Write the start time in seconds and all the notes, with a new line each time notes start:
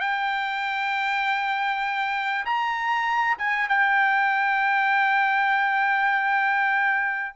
0.00 G5
2.45 A#5
3.38 G#5
3.68 G5